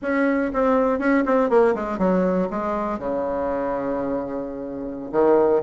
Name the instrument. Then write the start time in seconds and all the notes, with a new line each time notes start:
bassoon
0.02 C#4
0.53 C4
0.99 C#4
1.25 C4
1.49 A#3
1.74 G#3
1.98 F#3
2.50 G#3
2.98 C#3
5.12 D#3